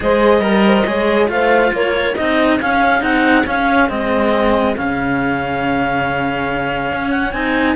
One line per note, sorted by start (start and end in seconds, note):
0.00 0.40 G#3
0.00 0.41 G#4
0.00 0.42 C5
0.00 1.29 D#5
0.40 0.83 G3
0.40 0.84 A#4
0.40 0.64 A#4
0.66 0.87 C5
0.86 1.29 G#3
0.86 1.28 G#4
0.86 1.30 C#5
1.28 1.72 A3
1.28 2.14 F4
1.28 1.75 C5
1.28 1.72 F5
1.73 2.16 A#3
1.73 2.17 A#4
1.73 2.15 C#5
2.15 2.59 C4
2.15 2.60 D#4
2.15 7.75 G#4
2.15 2.58 D#5
2.59 3.02 C#4
2.59 3.00 C#4
2.59 3.03 F5
3.00 3.45 C4
3.00 3.43 D#4
3.00 3.46 F#5
3.46 3.89 C#4
3.46 3.89 F5
3.89 4.76 G#3
3.89 4.75 C4
3.89 4.75 D#5
4.76 6.92 C#3
4.76 7.34 C#4
4.76 7.10 F5
6.92 7.32 C#4
7.10 7.31 F#5
7.31 7.75 C4
7.31 7.75 D#4
7.31 7.74 G#5